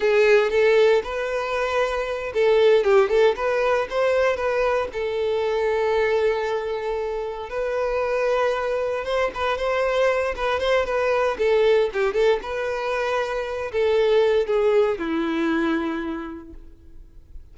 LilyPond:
\new Staff \with { instrumentName = "violin" } { \time 4/4 \tempo 4 = 116 gis'4 a'4 b'2~ | b'8 a'4 g'8 a'8 b'4 c''8~ | c''8 b'4 a'2~ a'8~ | a'2~ a'8 b'4.~ |
b'4. c''8 b'8 c''4. | b'8 c''8 b'4 a'4 g'8 a'8 | b'2~ b'8 a'4. | gis'4 e'2. | }